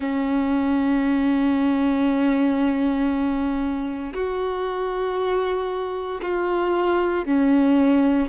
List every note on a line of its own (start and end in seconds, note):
0.00 4.13 C#4
4.14 6.21 F#4
6.22 7.25 F4
7.25 8.28 C#4